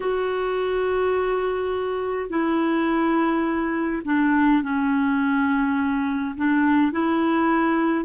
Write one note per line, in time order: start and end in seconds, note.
0.00 2.29 F#4
2.29 4.02 E4
4.04 4.62 D4
4.62 6.35 C#4
6.37 6.92 D4
6.92 8.05 E4